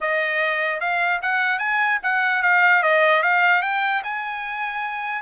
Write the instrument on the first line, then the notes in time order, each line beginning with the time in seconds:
trumpet
0.00 D#5
0.80 F5
1.22 F#5
1.59 G#5
2.03 F#5
2.42 F5
2.82 D#5
3.23 F5
3.62 G5
4.03 G#5